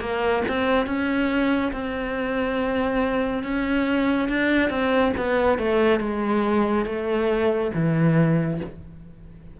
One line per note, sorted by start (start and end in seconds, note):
0.00 0.43 A#3
0.48 0.86 C4
0.86 1.71 C#4
1.72 3.43 C4
3.43 4.28 C#4
4.28 4.69 D4
4.69 5.12 C4
5.17 5.58 B3
5.58 5.99 A3
5.99 6.85 G#3
6.85 7.71 A3
7.74 8.60 E3